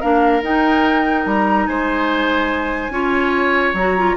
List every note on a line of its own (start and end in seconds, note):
0.00 0.42 A#3
0.00 0.42 D4
0.00 1.67 A#4
0.00 0.42 F5
0.42 1.25 D#4
0.42 2.91 D#4
0.42 1.26 G5
1.25 1.67 G3
1.25 1.67 A#5
1.67 2.89 G#3
1.67 2.92 C5
1.67 3.75 G#5
2.89 3.72 C#4
2.89 3.75 F4
2.89 4.17 C#5
3.74 4.15 F#3
3.74 3.98 F#4
3.74 4.17 A#5
3.98 4.17 F4